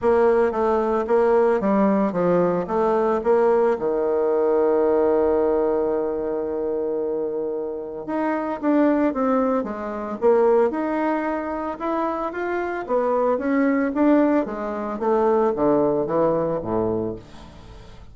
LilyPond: \new Staff \with { instrumentName = "bassoon" } { \time 4/4 \tempo 4 = 112 ais4 a4 ais4 g4 | f4 a4 ais4 dis4~ | dis1~ | dis2. dis'4 |
d'4 c'4 gis4 ais4 | dis'2 e'4 f'4 | b4 cis'4 d'4 gis4 | a4 d4 e4 a,4 | }